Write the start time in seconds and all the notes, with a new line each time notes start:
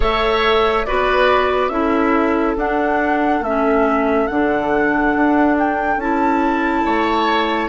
0.00 A3 A4 C#5 E5
0.85 B3 F#4 B4 D5
1.68 C#4 E4 A4 E5
2.56 D4 F#5
3.40 A3 C#4 E5
4.26 D3 D4 F#5
5.15 D4
5.59 G5
5.96 C#4 E4 A5
6.85 A3 C#5